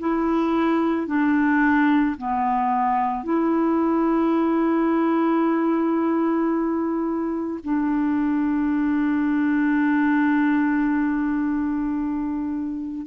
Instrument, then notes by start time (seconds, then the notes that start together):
clarinet
0.00 E4
1.07 D4
2.17 B3
3.24 E4
7.64 D4